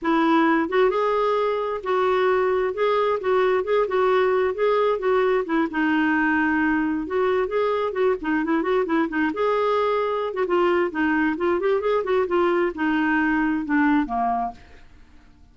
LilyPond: \new Staff \with { instrumentName = "clarinet" } { \time 4/4 \tempo 4 = 132 e'4. fis'8 gis'2 | fis'2 gis'4 fis'4 | gis'8 fis'4. gis'4 fis'4 | e'8 dis'2. fis'8~ |
fis'8 gis'4 fis'8 dis'8 e'8 fis'8 e'8 | dis'8 gis'2~ gis'16 fis'16 f'4 | dis'4 f'8 g'8 gis'8 fis'8 f'4 | dis'2 d'4 ais4 | }